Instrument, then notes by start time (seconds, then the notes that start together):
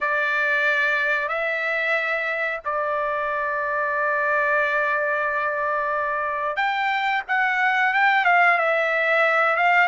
trumpet
0.00 D5
1.28 E5
2.64 D5
6.56 G5
7.27 F#5
7.93 G5
8.24 F5
8.57 E5
9.56 F5